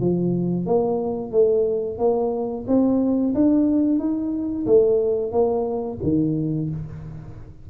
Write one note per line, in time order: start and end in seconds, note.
0.00 0.66 F3
0.66 1.32 A#3
1.32 1.98 A3
1.98 2.65 A#3
2.68 3.34 C4
3.35 3.99 D4
3.99 4.65 D#4
4.66 5.32 A3
5.32 5.98 A#3
6.03 6.70 D#3